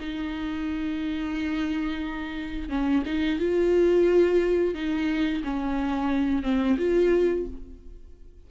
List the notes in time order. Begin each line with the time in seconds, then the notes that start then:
0.00 D#4
2.69 C#4
3.06 D#4
3.39 F4
4.74 D#4
5.44 C#4
6.43 C4
6.78 F4